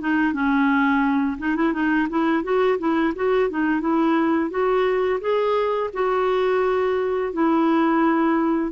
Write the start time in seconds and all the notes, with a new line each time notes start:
0.00 D#4
0.33 C#4
1.38 D#4
1.56 E4
1.73 D#4
2.09 E4
2.43 F#4
2.79 E4
3.15 F#4
3.50 D#4
3.81 E4
4.50 F#4
5.21 G#4
5.94 F#4
7.33 E4